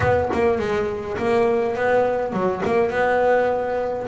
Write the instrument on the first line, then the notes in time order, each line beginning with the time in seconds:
double bass
0.00 B3
0.33 A#3
0.59 G#3
1.17 A#3
1.75 B3
2.32 F#3
2.65 A#3
2.90 B3